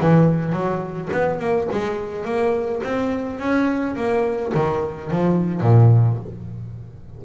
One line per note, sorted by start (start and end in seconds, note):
0.00 0.52 E3
0.52 1.09 F#3
1.12 1.39 B3
1.39 1.68 A#3
1.71 2.25 G#3
2.25 2.81 A#3
2.83 3.39 C4
3.39 3.95 C#4
3.95 4.52 A#3
4.54 5.10 D#3
5.10 5.61 F3
5.61 6.17 A#2